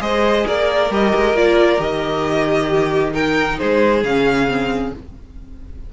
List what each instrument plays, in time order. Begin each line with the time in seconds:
0.00 cello G#3, viola G#4, violin C5 D#5
0.47 cello A#3, violin A#4 D5
0.90 cello G3, viola G4, violin D#5
1.15 cello G#3
1.33 cello A#3, viola F4, violin D5
1.78 cello D#3, viola G4, violin D#5
2.70 violin G4
3.12 viola D#4, violin A#4 G5
3.59 cello G#3, violin G#4 C5
4.03 cello C#3, viola C#4, violin F5
4.47 viola C4